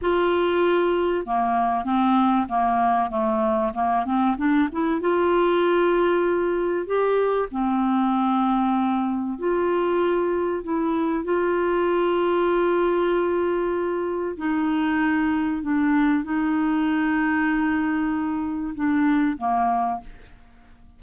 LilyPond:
\new Staff \with { instrumentName = "clarinet" } { \time 4/4 \tempo 4 = 96 f'2 ais4 c'4 | ais4 a4 ais8 c'8 d'8 e'8 | f'2. g'4 | c'2. f'4~ |
f'4 e'4 f'2~ | f'2. dis'4~ | dis'4 d'4 dis'2~ | dis'2 d'4 ais4 | }